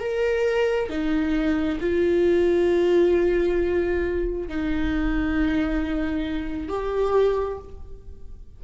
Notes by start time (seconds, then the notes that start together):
0.00 A#4
0.90 D#4
1.80 F4
4.48 D#4
6.69 G4